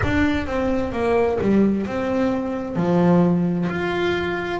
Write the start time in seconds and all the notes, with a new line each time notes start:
0.03 D4
0.46 C4
0.92 A#3
1.41 G3
1.86 C4
2.76 F3
3.69 F4